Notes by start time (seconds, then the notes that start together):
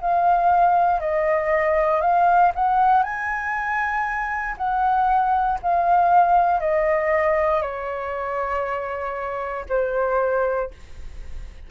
0.00 F5
1.00 D#5
2.01 F5
2.55 F#5
3.02 G#5
4.57 F#5
5.62 F5
6.60 D#5
7.62 C#5
9.68 C5